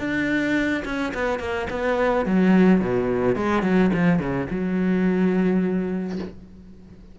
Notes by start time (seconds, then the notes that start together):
0.00 D4
0.85 C#4
1.14 B3
1.40 A#3
1.71 B3
2.26 F#3
2.81 B2
3.36 G#3
3.63 F#3
3.94 F3
4.20 C#3
4.51 F#3